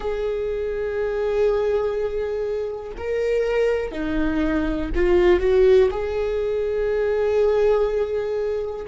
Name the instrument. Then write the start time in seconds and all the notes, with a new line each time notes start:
viola
0.00 G#4
2.97 A#4
3.91 D#4
4.95 F4
5.40 F#4
5.91 G#4